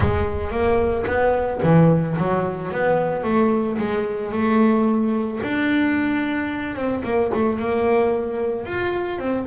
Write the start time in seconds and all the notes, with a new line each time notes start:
0.00 G#3
0.50 A#3
1.06 B3
1.62 E3
2.17 F#3
2.71 B3
3.23 A3
3.78 G#3
4.32 A3
5.43 D4
6.75 C4
7.04 A#3
7.33 A3
7.58 A#3
8.65 F4
9.18 C4